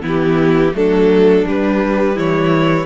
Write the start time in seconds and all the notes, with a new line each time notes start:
0.00 E3 B3 E4
0.06 G4
0.72 F#3 A3 D4 A4
1.46 G3 B4
2.14 E3 E4 C#5